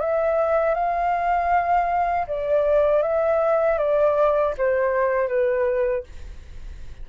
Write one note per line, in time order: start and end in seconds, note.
0.00 0.74 E5
0.74 2.26 F5
2.27 3.02 D5
3.02 3.78 E5
3.78 4.54 D5
4.57 5.28 C5
5.28 6.03 B4